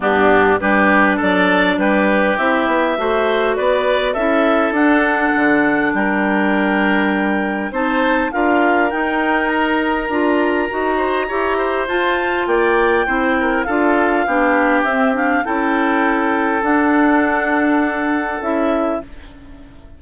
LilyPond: <<
  \new Staff \with { instrumentName = "clarinet" } { \time 4/4 \tempo 4 = 101 g'4 b'4 d''4 b'4 | e''2 d''4 e''4 | fis''2 g''2~ | g''4 a''4 f''4 g''4 |
ais''1 | a''4 g''2 f''4~ | f''4 e''8 f''8 g''2 | fis''2. e''4 | }
  \new Staff \with { instrumentName = "oboe" } { \time 4/4 d'4 g'4 a'4 g'4~ | g'4 c''4 b'4 a'4~ | a'2 ais'2~ | ais'4 c''4 ais'2~ |
ais'2~ ais'8 c''8 cis''8 c''8~ | c''4 d''4 c''8 ais'8 a'4 | g'2 a'2~ | a'1 | }
  \new Staff \with { instrumentName = "clarinet" } { \time 4/4 b4 d'2. | e'4 fis'2 e'4 | d'1~ | d'4 dis'4 f'4 dis'4~ |
dis'4 f'4 fis'4 g'4 | f'2 e'4 f'4 | d'4 c'8 d'8 e'2 | d'2. e'4 | }
  \new Staff \with { instrumentName = "bassoon" } { \time 4/4 g,4 g4 fis4 g4 | c'8 b8 a4 b4 cis'4 | d'4 d4 g2~ | g4 c'4 d'4 dis'4~ |
dis'4 d'4 dis'4 e'4 | f'4 ais4 c'4 d'4 | b4 c'4 cis'2 | d'2. cis'4 | }
>>